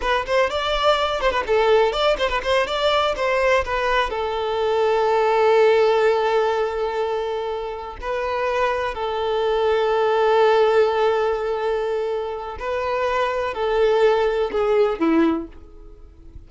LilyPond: \new Staff \with { instrumentName = "violin" } { \time 4/4 \tempo 4 = 124 b'8 c''8 d''4. c''16 b'16 a'4 | d''8 c''16 b'16 c''8 d''4 c''4 b'8~ | b'8 a'2.~ a'8~ | a'1~ |
a'8 b'2 a'4.~ | a'1~ | a'2 b'2 | a'2 gis'4 e'4 | }